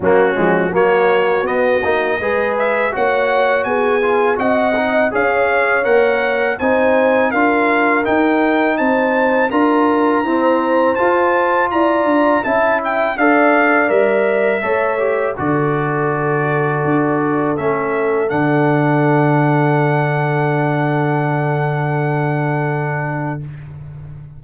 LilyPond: <<
  \new Staff \with { instrumentName = "trumpet" } { \time 4/4 \tempo 4 = 82 fis'4 cis''4 dis''4. e''8 | fis''4 gis''4 fis''4 f''4 | fis''4 gis''4 f''4 g''4 | a''4 ais''2 a''4 |
ais''4 a''8 g''8 f''4 e''4~ | e''4 d''2. | e''4 fis''2.~ | fis''1 | }
  \new Staff \with { instrumentName = "horn" } { \time 4/4 cis'4 fis'2 b'4 | cis''4 gis'4 dis''4 cis''4~ | cis''4 c''4 ais'2 | c''4 ais'4 c''2 |
d''4 e''4 d''2 | cis''4 a'2.~ | a'1~ | a'1 | }
  \new Staff \with { instrumentName = "trombone" } { \time 4/4 ais8 gis8 ais4 b8 dis'8 gis'4 | fis'4. f'8 fis'8 dis'8 gis'4 | ais'4 dis'4 f'4 dis'4~ | dis'4 f'4 c'4 f'4~ |
f'4 e'4 a'4 ais'4 | a'8 g'8 fis'2. | cis'4 d'2.~ | d'1 | }
  \new Staff \with { instrumentName = "tuba" } { \time 4/4 fis8 f8 fis4 b8 ais8 gis4 | ais4 b4 c'4 cis'4 | ais4 c'4 d'4 dis'4 | c'4 d'4 e'4 f'4 |
e'8 d'8 cis'4 d'4 g4 | a4 d2 d'4 | a4 d2.~ | d1 | }
>>